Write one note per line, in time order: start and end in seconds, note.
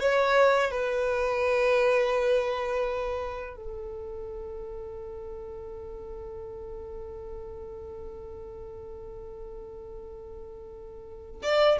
0.00 0.71 C#5
0.71 3.56 B4
3.56 11.42 A4
11.42 11.78 D5